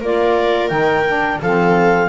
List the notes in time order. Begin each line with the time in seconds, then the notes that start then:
0.00 A#3 F4 A#4 D5
0.69 D#3 D#4 G5
1.07 D4
1.41 F3 C4 A4 F5